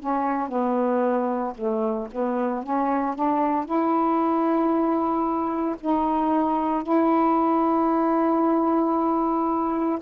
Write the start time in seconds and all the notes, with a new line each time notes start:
0.00 C#4
0.48 B3
1.55 A3
2.12 B3
2.63 C#4
3.15 D4
3.65 E4
5.80 D#4
6.83 E4